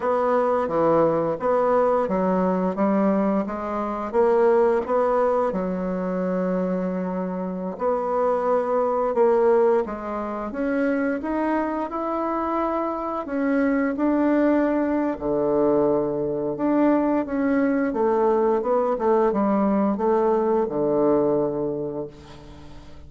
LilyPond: \new Staff \with { instrumentName = "bassoon" } { \time 4/4 \tempo 4 = 87 b4 e4 b4 fis4 | g4 gis4 ais4 b4 | fis2.~ fis16 b8.~ | b4~ b16 ais4 gis4 cis'8.~ |
cis'16 dis'4 e'2 cis'8.~ | cis'16 d'4.~ d'16 d2 | d'4 cis'4 a4 b8 a8 | g4 a4 d2 | }